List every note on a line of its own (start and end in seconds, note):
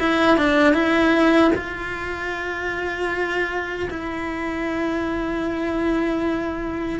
0.00 0.38 E4
0.38 0.74 D4
0.74 1.52 E4
1.55 3.89 F4
3.91 7.00 E4